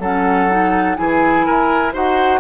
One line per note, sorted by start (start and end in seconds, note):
0.00 0.97 F#3
0.00 0.51 C#4
0.00 0.97 A4
0.00 0.96 F#5
0.51 0.97 D#4
0.96 1.48 E3
0.96 1.93 E4
0.96 1.46 G#4
0.96 1.93 G#5
1.46 1.95 E4
1.46 1.93 A#4
1.93 2.41 D#4
1.93 2.41 F#4
1.93 2.41 C5
1.93 2.41 F#5